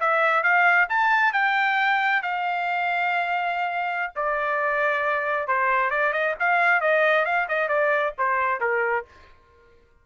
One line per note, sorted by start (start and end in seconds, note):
0.00 0.43 E5
0.43 0.88 F5
0.89 1.33 A5
1.33 2.23 G5
2.23 4.13 F5
4.16 5.48 D5
5.48 5.91 C5
5.91 6.13 D5
6.13 6.35 D#5
6.40 6.81 F5
6.81 7.25 D#5
7.25 7.48 F5
7.49 7.69 D#5
7.69 8.14 D5
8.18 8.61 C5
8.61 9.05 A#4